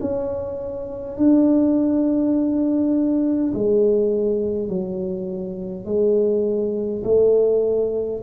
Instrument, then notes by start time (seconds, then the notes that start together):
tuba
0.00 C#4
1.17 D4
3.54 G#3
4.69 F#3
5.85 G#3
7.04 A3